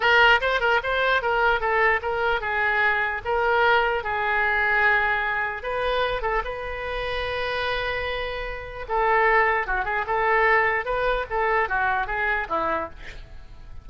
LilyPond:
\new Staff \with { instrumentName = "oboe" } { \time 4/4 \tempo 4 = 149 ais'4 c''8 ais'8 c''4 ais'4 | a'4 ais'4 gis'2 | ais'2 gis'2~ | gis'2 b'4. a'8 |
b'1~ | b'2 a'2 | fis'8 gis'8 a'2 b'4 | a'4 fis'4 gis'4 e'4 | }